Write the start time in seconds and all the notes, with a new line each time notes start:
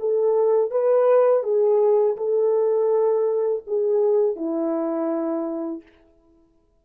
0.00 A4
0.72 B4
1.44 G#4
2.17 A4
3.67 G#4
4.37 E4